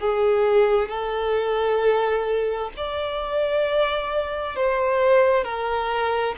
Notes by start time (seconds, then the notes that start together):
0.00 G#4
0.89 A4
2.76 D5
4.56 C5
5.44 A#4